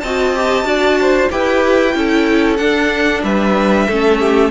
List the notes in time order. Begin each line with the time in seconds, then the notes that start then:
0.00 C4 F#4 D#5 A5
0.35 G4
0.65 D4 F#4 D5
1.01 C5
1.31 E4 G4 B4 G5
1.93 C#4 E4 A4
2.57 D4 F#5
3.24 G3 B4 E5
3.88 A3 C#4 A4
4.20 G4